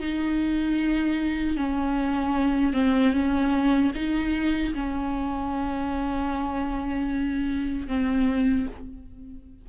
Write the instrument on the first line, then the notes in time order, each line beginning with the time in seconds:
viola
0.00 D#4
1.57 C#4
2.73 C4
3.13 C#4
3.95 D#4
4.74 C#4
7.88 C4